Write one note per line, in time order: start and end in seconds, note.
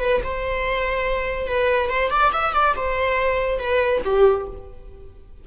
0.00 0.21 B4
0.24 1.47 C5
1.47 1.90 B4
1.90 2.11 C5
2.11 2.32 D5
2.32 2.53 E5
2.53 2.74 D5
2.76 3.59 C5
3.59 4.02 B4
4.04 4.47 G4